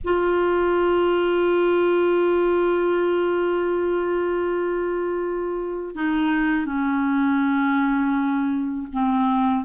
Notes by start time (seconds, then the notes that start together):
0.04 F4
5.95 D#4
6.65 C#4
8.93 C4